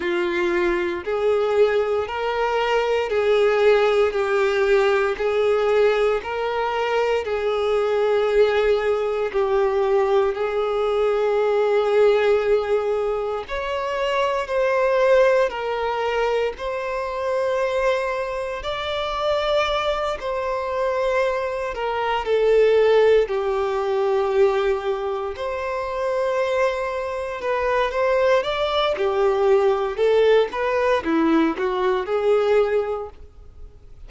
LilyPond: \new Staff \with { instrumentName = "violin" } { \time 4/4 \tempo 4 = 58 f'4 gis'4 ais'4 gis'4 | g'4 gis'4 ais'4 gis'4~ | gis'4 g'4 gis'2~ | gis'4 cis''4 c''4 ais'4 |
c''2 d''4. c''8~ | c''4 ais'8 a'4 g'4.~ | g'8 c''2 b'8 c''8 d''8 | g'4 a'8 b'8 e'8 fis'8 gis'4 | }